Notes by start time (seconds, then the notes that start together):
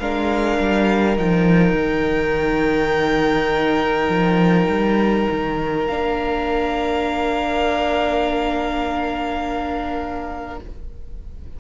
0.00 G#3 D4 A#4 F5
0.59 G3
1.16 F3 D#4 G5
1.73 D#3
4.09 F3
4.69 G3
5.31 D#3
5.87 A#3 D4 F5